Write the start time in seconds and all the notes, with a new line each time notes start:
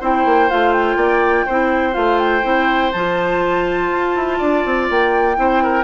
0.00 C4 E4 C5 G5
0.25 A#3
0.49 A3 F4 F5
0.73 G5
0.96 A#3 D5
1.46 C4 E4 C5
1.92 A3 F4 F5
2.18 G5
2.43 C4 E4
2.92 F3 F4 A5
3.91 F4
4.15 E4
4.38 D4 D5
4.65 C4
4.90 A#3 G5
5.36 C4 E4 C5
5.63 A#4